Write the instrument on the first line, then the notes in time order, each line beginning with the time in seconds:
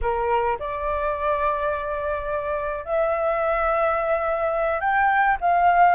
flute
0.01 A#4
0.59 D5
2.85 E5
4.80 G5
5.41 F5